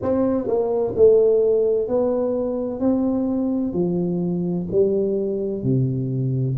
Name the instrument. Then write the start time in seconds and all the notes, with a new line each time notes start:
tuba
0.02 C4
0.47 A#3
0.96 A3
1.87 B3
2.80 C4
3.73 F3
4.71 G3
5.62 C3